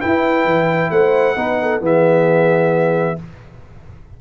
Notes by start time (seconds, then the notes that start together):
0.00 E4 B4 G5
0.44 E3
0.90 A3 C5 F#5
1.35 B3 D#4 B4
1.61 A4
1.80 E3 B3 G#4 E5